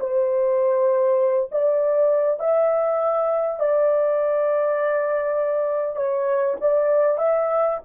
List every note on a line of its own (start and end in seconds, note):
0.00 1.50 C5
1.52 2.40 D5
2.40 3.60 E5
3.60 5.96 D5
5.96 6.56 C#5
6.61 7.18 D5
7.18 7.78 E5